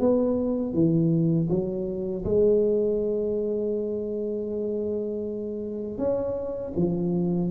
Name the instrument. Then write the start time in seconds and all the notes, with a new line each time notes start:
tuba
0.00 B3
0.74 E3
1.49 F#3
2.25 G#3
5.98 C#4
6.76 F3